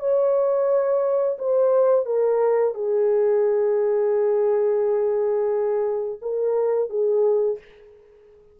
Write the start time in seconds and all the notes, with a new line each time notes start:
0.00 C#5
1.39 C5
2.06 A#4
2.75 G#4
6.22 A#4
6.90 G#4